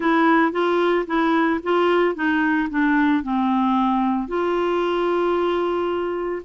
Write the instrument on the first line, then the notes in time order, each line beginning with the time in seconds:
clarinet
0.00 E4
0.52 F4
1.07 E4
1.63 F4
2.15 D#4
2.70 D4
3.23 C4
4.28 F4